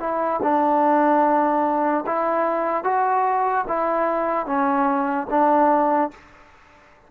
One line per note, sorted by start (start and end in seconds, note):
0.00 0.41 E4
0.43 2.05 D4
2.06 2.84 E4
2.84 3.65 F#4
3.68 4.47 E4
4.47 5.28 C#4
5.30 6.11 D4